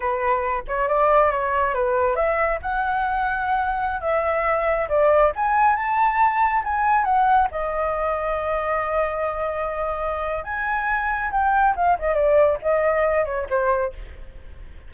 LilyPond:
\new Staff \with { instrumentName = "flute" } { \time 4/4 \tempo 4 = 138 b'4. cis''8 d''4 cis''4 | b'4 e''4 fis''2~ | fis''4~ fis''16 e''2 d''8.~ | d''16 gis''4 a''2 gis''8.~ |
gis''16 fis''4 dis''2~ dis''8.~ | dis''1 | gis''2 g''4 f''8 dis''8 | d''4 dis''4. cis''8 c''4 | }